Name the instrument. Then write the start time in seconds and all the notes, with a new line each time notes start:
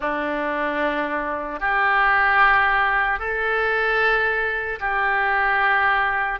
oboe
0.00 D4
1.60 G4
3.19 A4
4.80 G4